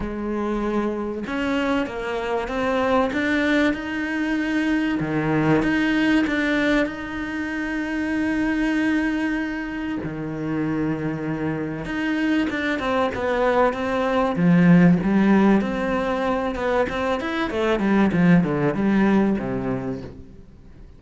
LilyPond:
\new Staff \with { instrumentName = "cello" } { \time 4/4 \tempo 4 = 96 gis2 cis'4 ais4 | c'4 d'4 dis'2 | dis4 dis'4 d'4 dis'4~ | dis'1 |
dis2. dis'4 | d'8 c'8 b4 c'4 f4 | g4 c'4. b8 c'8 e'8 | a8 g8 f8 d8 g4 c4 | }